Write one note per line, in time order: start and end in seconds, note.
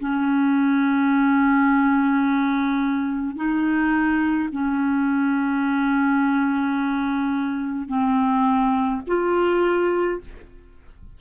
0.00 3.36 C#4
3.36 4.49 D#4
4.52 7.88 C#4
7.88 9.02 C4
9.08 10.21 F4